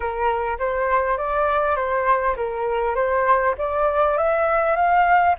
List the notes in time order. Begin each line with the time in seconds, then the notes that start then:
0.00 A#4
0.58 C5
1.17 D5
1.76 C5
2.36 A#4
2.95 C5
3.58 D5
4.17 E5
4.76 F5